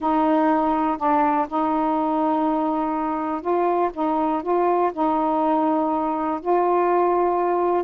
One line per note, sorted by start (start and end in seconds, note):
0.00 0.97 D#4
0.97 1.46 D4
1.48 3.41 D#4
3.41 3.90 F4
3.93 4.42 D#4
4.42 4.91 F4
4.93 6.40 D#4
6.41 7.83 F4